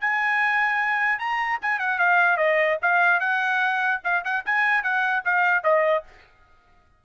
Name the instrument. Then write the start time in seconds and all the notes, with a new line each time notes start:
trumpet
0.00 G#5
1.18 A#5
1.61 G#5
1.79 F#5
1.98 F5
2.37 D#5
2.82 F5
3.20 F#5
4.03 F5
4.24 F#5
4.45 G#5
4.83 F#5
5.24 F5
5.63 D#5